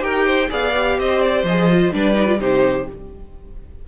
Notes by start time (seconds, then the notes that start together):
0.00 D#4 G4 A#4 G5
0.25 C5
0.49 B3 G#4 D5 F5
0.76 G4
0.98 C4 C5 D#5
1.21 D5
1.43 F3 D#5
1.49 G#4
1.71 F4
1.92 G3 D4 B4 D5
2.14 D#4
2.26 F4
2.39 C3 D#4 G4 C5